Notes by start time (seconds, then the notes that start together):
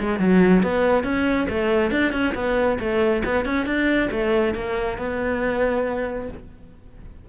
0.00 G#3
0.19 F#3
0.63 B3
1.04 C#4
1.49 A3
1.91 D4
2.12 C#4
2.35 B3
2.79 A3
3.25 B3
3.45 C#4
3.66 D4
4.11 A3
4.55 A#3
4.98 B3